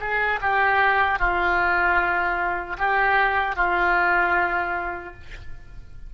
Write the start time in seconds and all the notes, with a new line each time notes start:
0.00 G#4
0.41 G4
1.19 F4
2.78 G4
3.56 F4